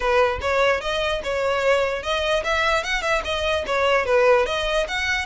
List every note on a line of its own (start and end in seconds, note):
0.00 0.39 B4
0.41 0.81 C#5
0.81 1.21 D#5
1.23 2.02 C#5
2.02 2.43 D#5
2.44 2.83 E5
2.83 3.01 F#5
3.01 3.22 E5
3.24 3.64 D#5
3.66 4.05 C#5
4.05 4.46 B4
4.46 4.86 D#5
4.88 5.25 F#5